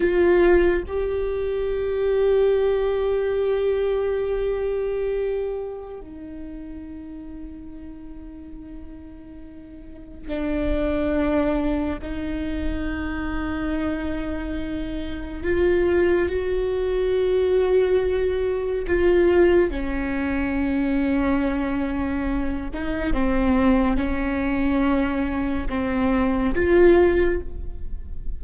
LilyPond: \new Staff \with { instrumentName = "viola" } { \time 4/4 \tempo 4 = 70 f'4 g'2.~ | g'2. dis'4~ | dis'1 | d'2 dis'2~ |
dis'2 f'4 fis'4~ | fis'2 f'4 cis'4~ | cis'2~ cis'8 dis'8 c'4 | cis'2 c'4 f'4 | }